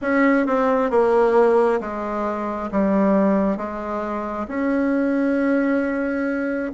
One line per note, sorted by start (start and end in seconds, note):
0.01 0.46 C#4
0.46 0.90 C4
0.90 1.80 A#3
1.80 2.69 G#3
2.71 3.57 G3
3.57 4.47 G#3
4.48 6.72 C#4